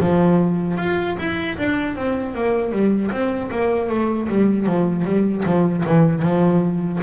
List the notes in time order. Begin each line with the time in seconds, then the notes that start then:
0.00 F3
0.78 F4
1.19 E4
1.58 D4
1.96 C4
2.34 A#3
2.72 G3
3.11 C4
3.51 A#3
3.89 A3
4.29 G3
4.66 F3
5.05 G3
5.45 F3
5.85 E3
6.22 F3